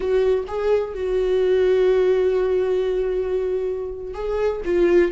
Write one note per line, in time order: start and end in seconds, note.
0.00 0.44 F#4
0.47 0.94 G#4
0.94 4.14 F#4
4.14 4.61 G#4
4.65 5.11 F4